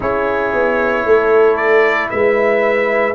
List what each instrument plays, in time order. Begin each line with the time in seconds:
0.00 tuba C#4, trombone E4, horn G#4, trumpet C#5
0.53 tuba B3
1.05 tuba A3, horn A4
1.56 trumpet D5
2.09 tuba G#3, horn B4, trumpet E5